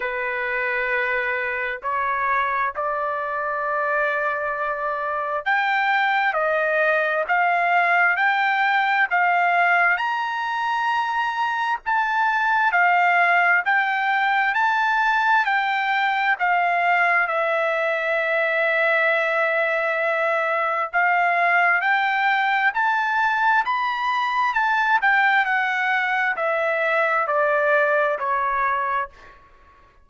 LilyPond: \new Staff \with { instrumentName = "trumpet" } { \time 4/4 \tempo 4 = 66 b'2 cis''4 d''4~ | d''2 g''4 dis''4 | f''4 g''4 f''4 ais''4~ | ais''4 a''4 f''4 g''4 |
a''4 g''4 f''4 e''4~ | e''2. f''4 | g''4 a''4 b''4 a''8 g''8 | fis''4 e''4 d''4 cis''4 | }